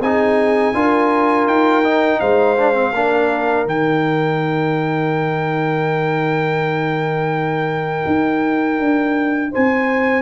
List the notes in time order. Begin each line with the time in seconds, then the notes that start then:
0.00 C4 D#4 G#4 G#5
0.74 D4 F4 A#4
1.46 D#4 G5
1.84 D#4
2.20 G#3 C5 F5
2.57 D4
2.74 C4
2.92 A#3 D4 A#4
3.65 D#3 D#4 G5
8.06 D#4
8.79 D4
9.51 C4 C5 G#5